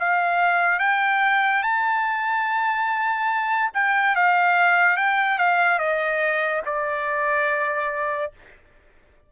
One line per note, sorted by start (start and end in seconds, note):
0.00 0.80 F5
0.80 1.63 G5
1.63 3.71 A5
3.74 4.16 G5
4.16 4.97 F5
4.97 5.39 G5
5.39 5.79 F5
5.79 6.62 D#5
6.66 8.33 D5